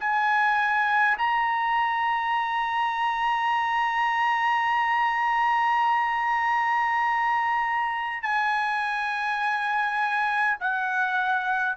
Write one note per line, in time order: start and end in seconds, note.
0.00 1.18 G#5
1.18 8.22 A#5
8.22 10.58 G#5
10.60 11.76 F#5